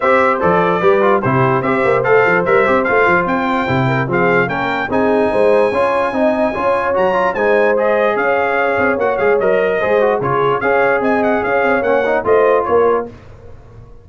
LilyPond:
<<
  \new Staff \with { instrumentName = "trumpet" } { \time 4/4 \tempo 4 = 147 e''4 d''2 c''4 | e''4 f''4 e''4 f''4 | g''2 f''4 g''4 | gis''1~ |
gis''4 ais''4 gis''4 dis''4 | f''2 fis''8 f''8 dis''4~ | dis''4 cis''4 f''4 gis''8 fis''8 | f''4 fis''4 dis''4 cis''4 | }
  \new Staff \with { instrumentName = "horn" } { \time 4/4 c''2 b'4 g'4 | c''1~ | c''4. ais'8 gis'4 ais'4 | gis'4 c''4 cis''4 dis''4 |
cis''2 c''2 | cis''1 | c''4 gis'4 cis''4 dis''4 | cis''2 c''4 ais'4 | }
  \new Staff \with { instrumentName = "trombone" } { \time 4/4 g'4 a'4 g'8 f'8 e'4 | g'4 a'4 ais'8 g'8 f'4~ | f'4 e'4 c'4 cis'4 | dis'2 f'4 dis'4 |
f'4 fis'8 f'8 dis'4 gis'4~ | gis'2 fis'8 gis'8 ais'4 | gis'8 fis'8 f'4 gis'2~ | gis'4 cis'8 dis'8 f'2 | }
  \new Staff \with { instrumentName = "tuba" } { \time 4/4 c'4 f4 g4 c4 | c'8 ais8 a8 f8 g8 c'8 a8 f8 | c'4 c4 f4 ais4 | c'4 gis4 cis'4 c'4 |
cis'4 fis4 gis2 | cis'4. c'8 ais8 gis8 fis4 | gis4 cis4 cis'4 c'4 | cis'8 c'8 ais4 a4 ais4 | }
>>